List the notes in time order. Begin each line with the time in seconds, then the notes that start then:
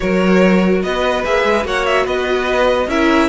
0.00 F#3 F#4 A#4 C#5
0.82 B3 B4 D#5
1.23 A#3 G#4 E5
1.43 G#3
1.63 A#3 F#4 C#5 F#5
1.85 E5
2.04 B3 B4 D#5
2.87 C#4 E4 A#4 E5